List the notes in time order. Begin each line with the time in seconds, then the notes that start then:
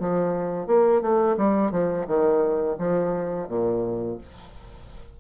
0.00 F3
0.67 A#3
1.02 A3
1.38 G3
1.71 F3
2.08 D#3
2.79 F3
3.48 A#2